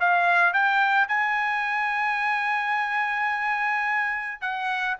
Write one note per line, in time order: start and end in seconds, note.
0.00 0.53 F5
0.53 1.08 G5
1.08 4.41 G#5
4.41 4.97 F#5